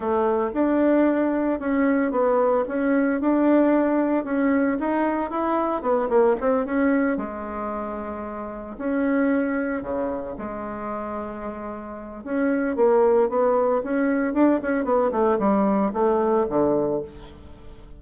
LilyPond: \new Staff \with { instrumentName = "bassoon" } { \time 4/4 \tempo 4 = 113 a4 d'2 cis'4 | b4 cis'4 d'2 | cis'4 dis'4 e'4 b8 ais8 | c'8 cis'4 gis2~ gis8~ |
gis8 cis'2 cis4 gis8~ | gis2. cis'4 | ais4 b4 cis'4 d'8 cis'8 | b8 a8 g4 a4 d4 | }